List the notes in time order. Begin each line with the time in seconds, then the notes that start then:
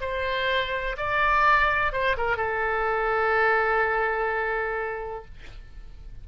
0.00 C5
0.97 D5
1.92 C5
2.17 A#4
2.37 A4